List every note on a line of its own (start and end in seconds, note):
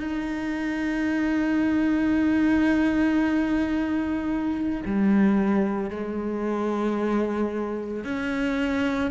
0.00 4.82 D#4
4.86 5.90 G3
5.90 8.05 G#3
8.05 9.11 C#4